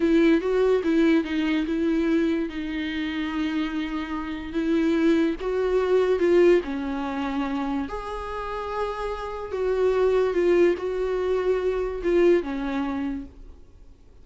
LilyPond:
\new Staff \with { instrumentName = "viola" } { \time 4/4 \tempo 4 = 145 e'4 fis'4 e'4 dis'4 | e'2 dis'2~ | dis'2. e'4~ | e'4 fis'2 f'4 |
cis'2. gis'4~ | gis'2. fis'4~ | fis'4 f'4 fis'2~ | fis'4 f'4 cis'2 | }